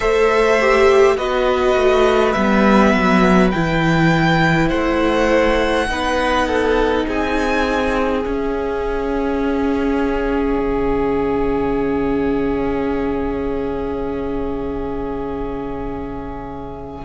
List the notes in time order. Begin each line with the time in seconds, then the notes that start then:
0.00 A3 A4 C5 E5
0.60 G4
1.16 B3 F#4 B4 D#5
1.76 A3
2.32 G3 B3 E5
2.93 F#3
3.50 E3 E4 G5
4.68 A3 C5 F#5
5.87 B3 D#4 B4
6.47 A4
7.07 C4 G#4 G#5
8.24 C#4 E5
10.58 C#3